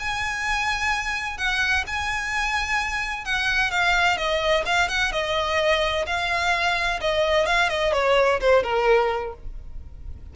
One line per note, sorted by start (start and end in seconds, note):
0.00 1.38 G#5
1.38 1.85 F#5
1.87 3.25 G#5
3.25 3.71 F#5
3.71 4.18 F5
4.18 4.65 D#5
4.66 4.89 F5
4.89 5.13 F#5
5.13 6.06 D#5
6.07 7.01 F5
7.01 7.46 D#5
7.46 7.70 F5
7.70 7.93 D#5
7.93 8.40 C#5
8.41 8.64 C5
8.64 9.34 A#4